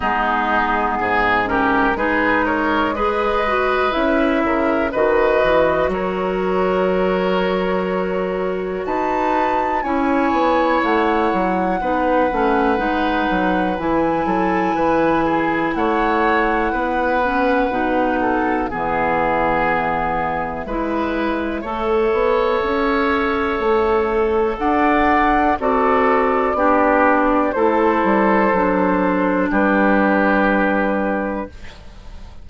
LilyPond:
<<
  \new Staff \with { instrumentName = "flute" } { \time 4/4 \tempo 4 = 61 gis'4. ais'8 b'8 cis''8 dis''4 | e''4 dis''4 cis''2~ | cis''4 a''4 gis''4 fis''4~ | fis''2 gis''2 |
fis''2. e''4~ | e''1~ | e''4 fis''4 d''2 | c''2 b'2 | }
  \new Staff \with { instrumentName = "oboe" } { \time 4/4 dis'4 gis'8 g'8 gis'8 ais'8 b'4~ | b'8 ais'8 b'4 ais'2~ | ais'4 b'4 cis''2 | b'2~ b'8 a'8 b'8 gis'8 |
cis''4 b'4. a'8 gis'4~ | gis'4 b'4 cis''2~ | cis''4 d''4 a'4 g'4 | a'2 g'2 | }
  \new Staff \with { instrumentName = "clarinet" } { \time 4/4 b4. cis'8 dis'4 gis'8 fis'8 | e'4 fis'2.~ | fis'2 e'2 | dis'8 cis'8 dis'4 e'2~ |
e'4. cis'8 dis'4 b4~ | b4 e'4 a'2~ | a'2 fis'4 d'4 | e'4 d'2. | }
  \new Staff \with { instrumentName = "bassoon" } { \time 4/4 gis4 gis,4 gis2 | cis'8 cis8 dis8 e8 fis2~ | fis4 dis'4 cis'8 b8 a8 fis8 | b8 a8 gis8 fis8 e8 fis8 e4 |
a4 b4 b,4 e4~ | e4 gis4 a8 b8 cis'4 | a4 d'4 c'4 b4 | a8 g8 fis4 g2 | }
>>